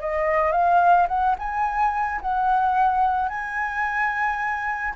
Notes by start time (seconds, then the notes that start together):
0.00 D#5
0.52 F5
1.08 F#5
1.38 G#5
2.21 F#5
3.29 G#5